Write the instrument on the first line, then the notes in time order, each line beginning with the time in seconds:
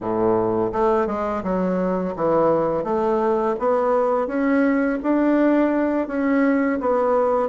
bassoon
0.00 A2
0.72 A3
1.06 G#3
1.43 F#3
2.16 E3
2.84 A3
3.59 B3
4.27 C#4
5.03 D4
6.07 C#4
6.80 B3